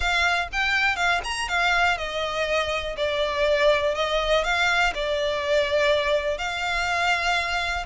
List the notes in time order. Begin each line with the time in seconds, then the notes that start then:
0.00 F5
0.52 G5
0.96 F5
1.24 A#5
1.48 F5
1.97 D#5
2.96 D5
3.95 D#5
4.44 F5
4.94 D5
6.38 F5